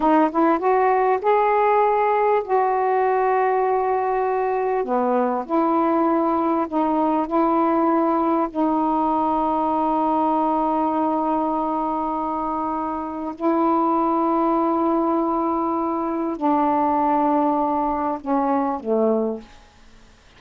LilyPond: \new Staff \with { instrumentName = "saxophone" } { \time 4/4 \tempo 4 = 99 dis'8 e'8 fis'4 gis'2 | fis'1 | b4 e'2 dis'4 | e'2 dis'2~ |
dis'1~ | dis'2 e'2~ | e'2. d'4~ | d'2 cis'4 a4 | }